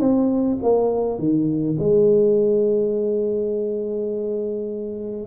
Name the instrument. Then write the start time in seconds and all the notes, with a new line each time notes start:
tuba
0.00 C4
0.63 A#3
1.19 D#3
1.79 G#3